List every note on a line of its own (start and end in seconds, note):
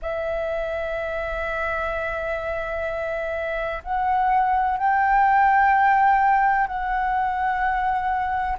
0.02 3.83 E5
3.84 4.77 F#5
4.77 6.67 G5
6.67 8.57 F#5